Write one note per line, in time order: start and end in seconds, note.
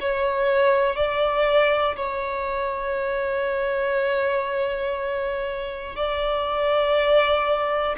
0.00 0.96 C#5
0.96 1.96 D5
1.96 5.95 C#5
5.95 7.95 D5